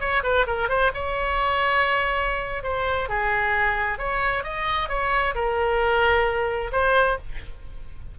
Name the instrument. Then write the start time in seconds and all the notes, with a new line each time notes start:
oboe
0.00 C#5
0.23 B4
0.47 A#4
0.69 C5
0.94 C#5
2.63 C5
3.09 G#4
3.98 C#5
4.43 D#5
4.89 C#5
5.35 A#4
6.72 C5